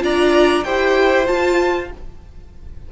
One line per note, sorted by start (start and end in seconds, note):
0.00 0.64 D4
0.00 0.62 F4
0.00 0.65 D5
0.00 0.63 A#5
0.63 1.27 E4
0.63 1.24 G4
0.63 1.90 C5
0.63 1.26 G5
1.24 1.87 F4
1.24 1.92 F4
1.24 1.89 A5